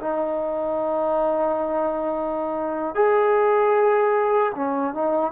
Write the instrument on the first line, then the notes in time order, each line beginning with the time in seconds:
trombone
0.00 D#4
2.94 G#4
4.55 C#4
4.94 D#4